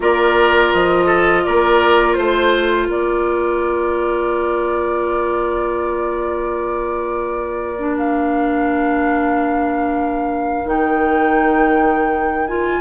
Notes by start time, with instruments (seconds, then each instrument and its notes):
0.00 bassoon A#3, clarinet F4, oboe A#4, flute D5
0.73 bassoon F3, flute D#5
1.05 oboe A4
1.44 bassoon A#3, oboe A#4, flute D5
2.13 bassoon A3, flute C5, oboe C5
2.88 bassoon A#3, oboe A#4, flute D5
7.78 clarinet D4
7.98 flute F5
10.65 bassoon D#3, clarinet D#4, flute G5
12.47 clarinet F4, flute G#5